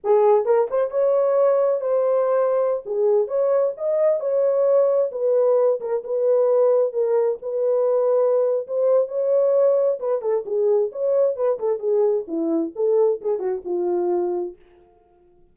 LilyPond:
\new Staff \with { instrumentName = "horn" } { \time 4/4 \tempo 4 = 132 gis'4 ais'8 c''8 cis''2 | c''2~ c''16 gis'4 cis''8.~ | cis''16 dis''4 cis''2 b'8.~ | b'8. ais'8 b'2 ais'8.~ |
ais'16 b'2~ b'8. c''4 | cis''2 b'8 a'8 gis'4 | cis''4 b'8 a'8 gis'4 e'4 | a'4 gis'8 fis'8 f'2 | }